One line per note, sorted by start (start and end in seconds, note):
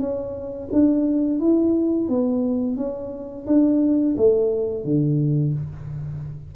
0.00 0.69 C#4
0.72 1.40 D4
1.40 2.08 E4
2.08 2.76 B3
2.76 3.45 C#4
3.46 4.15 D4
4.17 4.84 A3
4.84 5.53 D3